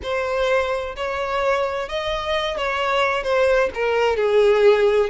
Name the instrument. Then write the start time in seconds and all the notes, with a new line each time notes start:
violin
0.02 C5
0.96 C#5
1.88 D#5
2.57 C#5
3.23 C5
3.74 A#4
4.16 G#4